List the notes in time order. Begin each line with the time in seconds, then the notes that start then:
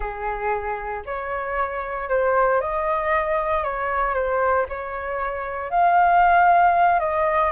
0.00 G#4
1.05 C#5
2.09 C5
2.60 D#5
3.63 C#5
4.14 C5
4.69 C#5
5.70 F5
6.99 D#5